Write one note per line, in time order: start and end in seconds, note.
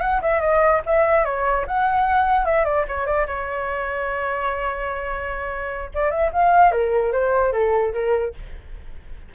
0.00 0.20 F#5
0.21 0.41 E5
0.41 0.81 D#5
0.86 1.25 E5
1.25 1.65 C#5
1.67 2.45 F#5
2.45 2.64 E5
2.64 2.85 D5
2.88 3.06 C#5
3.06 3.26 D5
3.26 5.90 C#5
5.94 6.10 D5
6.10 6.31 E5
6.33 6.71 F5
6.71 7.12 A#4
7.12 7.52 C5
7.52 7.93 A4
7.93 8.33 A#4